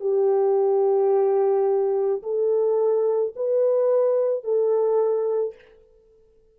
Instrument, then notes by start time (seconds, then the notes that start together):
horn
0.00 G4
2.23 A4
3.36 B4
4.44 A4